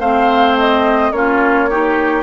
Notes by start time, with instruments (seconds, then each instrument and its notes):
0.00 bassoon A3, clarinet C4, oboe C5, flute F5
0.58 flute D#5
1.11 bassoon A#3, clarinet C#4, oboe F4, flute C#5
1.70 clarinet D#4, oboe G4